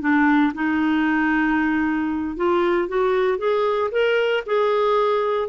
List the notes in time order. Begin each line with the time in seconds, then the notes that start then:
0.00 D4
0.54 D#4
2.36 F4
2.88 F#4
3.38 G#4
3.91 A#4
4.46 G#4